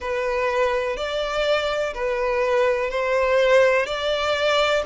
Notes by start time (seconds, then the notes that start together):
0.00 B4
0.96 D5
1.94 B4
2.90 C5
3.86 D5